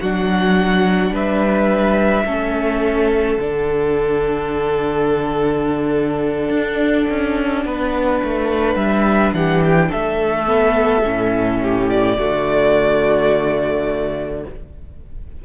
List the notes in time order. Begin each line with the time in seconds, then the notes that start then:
0.00 F#3 D4 F#4 F#5
1.10 G3 B4 E5
2.25 A3 C#4 A4
3.38 D3 D4 F#5
6.49 D4
7.10 C#4
7.65 B3 B4
8.23 A3
8.75 G3 E5
9.33 E3 G4 F#5
9.63 G5
9.88 A3 A4 E5
10.46 B3
11.04 A2 C#4
11.62 G4
11.89 D5
12.18 D3 A3 F#4